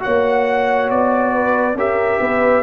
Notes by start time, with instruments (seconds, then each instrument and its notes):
0.00 tuba A#3, trombone F#4, horn C#5, trumpet F#5
0.90 tuba B3, trumpet D5
1.33 horn B4
1.74 tuba C#4, trombone G4, horn A#4, trumpet E5
2.20 tuba B3, horn B4